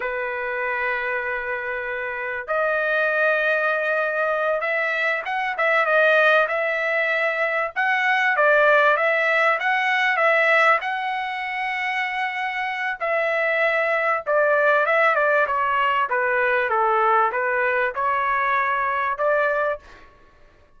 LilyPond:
\new Staff \with { instrumentName = "trumpet" } { \time 4/4 \tempo 4 = 97 b'1 | dis''2.~ dis''8 e''8~ | e''8 fis''8 e''8 dis''4 e''4.~ | e''8 fis''4 d''4 e''4 fis''8~ |
fis''8 e''4 fis''2~ fis''8~ | fis''4 e''2 d''4 | e''8 d''8 cis''4 b'4 a'4 | b'4 cis''2 d''4 | }